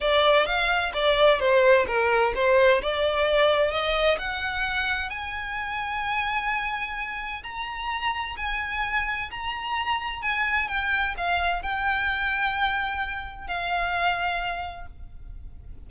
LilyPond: \new Staff \with { instrumentName = "violin" } { \time 4/4 \tempo 4 = 129 d''4 f''4 d''4 c''4 | ais'4 c''4 d''2 | dis''4 fis''2 gis''4~ | gis''1 |
ais''2 gis''2 | ais''2 gis''4 g''4 | f''4 g''2.~ | g''4 f''2. | }